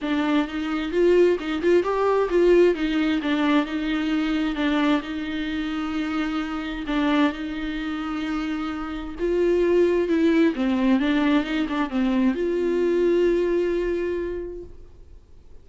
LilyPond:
\new Staff \with { instrumentName = "viola" } { \time 4/4 \tempo 4 = 131 d'4 dis'4 f'4 dis'8 f'8 | g'4 f'4 dis'4 d'4 | dis'2 d'4 dis'4~ | dis'2. d'4 |
dis'1 | f'2 e'4 c'4 | d'4 dis'8 d'8 c'4 f'4~ | f'1 | }